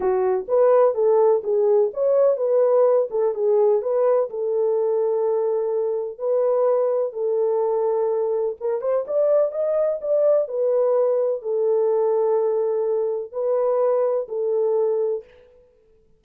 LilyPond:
\new Staff \with { instrumentName = "horn" } { \time 4/4 \tempo 4 = 126 fis'4 b'4 a'4 gis'4 | cis''4 b'4. a'8 gis'4 | b'4 a'2.~ | a'4 b'2 a'4~ |
a'2 ais'8 c''8 d''4 | dis''4 d''4 b'2 | a'1 | b'2 a'2 | }